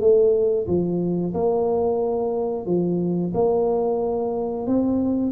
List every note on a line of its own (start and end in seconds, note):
0.00 0.67 A3
0.67 1.33 F3
1.34 2.66 A#3
2.66 3.32 F3
3.34 4.66 A#3
4.66 5.32 C4